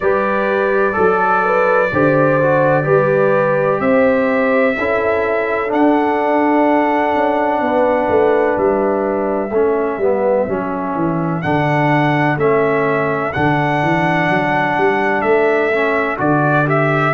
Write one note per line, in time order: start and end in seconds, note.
0.00 0.96 G3
0.00 0.92 G4
0.00 0.96 B4
0.00 3.80 D5
0.92 1.92 F#3
0.92 1.88 A4
0.92 1.43 A4
1.44 1.92 B4
1.92 2.86 D3
1.92 2.41 G4
1.92 2.84 C5
2.41 2.83 F#4
2.83 3.80 G3
2.83 4.74 G4
2.83 3.79 B4
3.80 4.75 C4
3.80 4.76 C5
3.80 5.71 E5
4.78 5.73 C#4
4.78 5.67 E4
4.78 7.63 A4
5.67 9.48 D4
5.67 7.15 D4
5.67 8.58 F#5
7.15 7.60 C#4
7.60 8.08 B3
7.60 9.53 B4
8.08 8.56 A3
8.57 9.50 G3
8.57 11.42 E5
9.50 9.97 A3
9.50 10.00 C#4
9.50 17.13 A4
9.97 10.45 G3
9.97 10.48 B3
10.48 10.95 F#3
10.48 11.42 C#4
10.95 11.42 E3
11.42 12.37 D3
11.42 12.37 D4
11.42 12.37 F#5
12.37 13.32 A3
12.37 13.33 C#4
12.37 13.32 E5
13.32 13.82 D3
13.32 15.72 D4
13.32 15.21 F#5
13.82 14.29 E3
14.29 14.77 F#3
14.77 15.22 G3
15.21 16.18 A3
15.21 16.16 E5
15.72 16.17 C#4
16.17 17.13 D3
16.17 16.64 F#4
16.17 16.67 D5
16.65 17.13 G4
16.65 17.13 E5